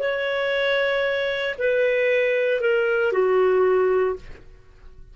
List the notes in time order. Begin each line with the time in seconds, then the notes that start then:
0.00 C#5
1.59 B4
2.61 A#4
3.13 F#4